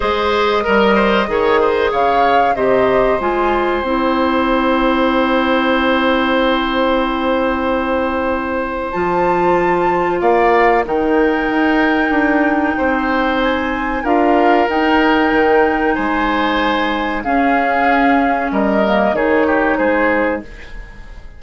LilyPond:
<<
  \new Staff \with { instrumentName = "flute" } { \time 4/4 \tempo 4 = 94 dis''2. f''4 | dis''4 gis''4 g''2~ | g''1~ | g''2 a''2 |
f''4 g''2.~ | g''4 gis''4 f''4 g''4~ | g''4 gis''2 f''4~ | f''4 dis''4 cis''4 c''4 | }
  \new Staff \with { instrumentName = "oboe" } { \time 4/4 c''4 ais'8 c''8 cis''8 c''8 cis''4 | c''1~ | c''1~ | c''1 |
d''4 ais'2. | c''2 ais'2~ | ais'4 c''2 gis'4~ | gis'4 ais'4 gis'8 g'8 gis'4 | }
  \new Staff \with { instrumentName = "clarinet" } { \time 4/4 gis'4 ais'4 gis'2 | g'4 f'4 e'2~ | e'1~ | e'2 f'2~ |
f'4 dis'2.~ | dis'2 f'4 dis'4~ | dis'2. cis'4~ | cis'4. ais8 dis'2 | }
  \new Staff \with { instrumentName = "bassoon" } { \time 4/4 gis4 g4 dis4 cis4 | c4 gis4 c'2~ | c'1~ | c'2 f2 |
ais4 dis4 dis'4 d'4 | c'2 d'4 dis'4 | dis4 gis2 cis'4~ | cis'4 g4 dis4 gis4 | }
>>